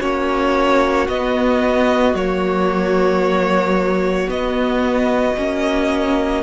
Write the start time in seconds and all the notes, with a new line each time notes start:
0.00 A#3 C#4 F#4 C#5
1.08 B3 D#5
2.14 F#3 A#3 C#5
4.27 B3 D#5
5.37 A#3 C#4